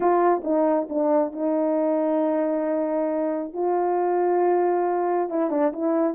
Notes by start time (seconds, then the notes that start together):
0.00 F4
0.44 D#4
0.89 D4
1.32 D#4
3.53 F4
5.29 E4
5.50 D4
5.73 E4